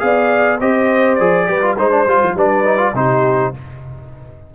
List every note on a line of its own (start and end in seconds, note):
0.00 0.61 B3
0.00 0.59 G#4
0.00 0.60 D5
0.00 0.59 F5
0.60 1.20 C4
0.60 1.19 G4
0.60 1.48 C5
0.60 1.15 D#5
1.15 1.49 F3
1.15 1.47 G#4
1.15 1.74 D5
1.47 1.78 G3
1.47 1.61 G4
1.47 1.78 B4
1.62 1.77 F4
1.78 2.06 G#3
1.78 1.91 D#4
1.78 2.36 C5
1.78 2.37 C5
1.91 2.06 D4
2.06 2.21 G3
2.06 2.37 F4
2.23 2.35 F3
2.35 2.94 G3
2.35 2.65 D4
2.35 2.95 B4
2.35 2.96 D5
2.65 2.78 D#4
2.78 2.92 F4
2.94 3.53 C3
2.94 3.54 D#4
2.94 3.55 G4
2.94 3.55 C5